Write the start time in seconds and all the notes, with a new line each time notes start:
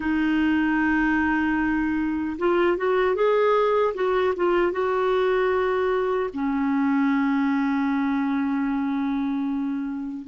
0.00 D#4
2.38 F4
2.77 F#4
3.15 G#4
3.94 F#4
4.36 F4
4.72 F#4
6.33 C#4